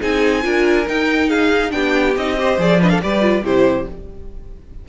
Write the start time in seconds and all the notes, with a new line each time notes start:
0.00 C4 D#4 G#4 G#5
0.42 D4 F4 A#4
0.87 D#4 G5
1.29 G#4 F5
1.70 B3 D4 G4 G5
2.16 C4 D#4 D#5
2.37 G4 C5
2.57 F3 G#4 D5
2.80 D4 B4 D#5
2.89 A4 F5
3.02 G3 G4 B4 D5
3.21 F4
3.42 C3 E4 G4 C5